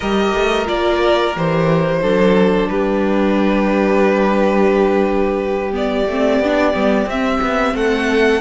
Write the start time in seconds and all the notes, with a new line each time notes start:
0.00 G3 G4 A#4 D#5
0.33 A3
0.65 A#3 F4 D5
1.35 E3 G4 C5
2.01 F#3 D4 A4
2.68 G3 G4 B4
5.72 B3 D5
6.06 A3 C4
6.39 B3 D4
6.72 G3 B3
7.05 C4 E5
7.11 C4
7.41 B3
7.73 A3 A4 F#5